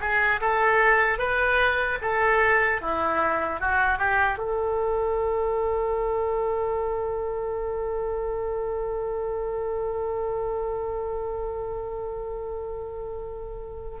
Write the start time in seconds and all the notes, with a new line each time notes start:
0.00 G#4
0.40 A4
1.18 B4
2.01 A4
2.81 E4
3.60 F#4
3.98 G4
4.38 A4